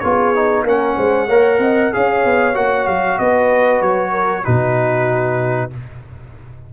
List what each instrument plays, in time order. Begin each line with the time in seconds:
0.00 tuba B3, trombone F4, horn G#4, trumpet C#5
0.35 trombone D#4
0.64 tuba A#3, trombone C#4, horn A#4, trumpet F#5
0.97 tuba G#3, horn C5
1.27 tuba A#3, trombone A#4, horn C#5
1.59 tuba C4, horn D#5
1.93 tuba C#4, trombone G#4, horn C#5, trumpet F5
2.25 tuba B3
2.54 tuba A#3, trombone F#4, trumpet F#5
2.87 tuba F#3, trumpet F5
3.19 tuba B3, horn B4, trumpet D#5
3.81 tuba F#3, trumpet C#5
4.11 horn A#4
4.43 tuba B2, trombone D#4, horn F#4, trumpet B4